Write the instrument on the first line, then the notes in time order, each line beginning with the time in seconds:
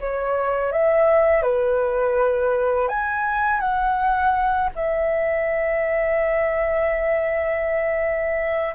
flute
0.00 C#5
0.73 E5
1.42 B4
2.89 G#5
3.60 F#5
4.75 E5